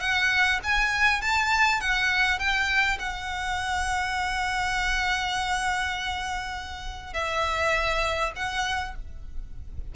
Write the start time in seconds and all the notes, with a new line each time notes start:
0.00 F#5
0.63 G#5
1.21 A5
1.80 F#5
2.39 G5
2.99 F#5
7.13 E5
8.35 F#5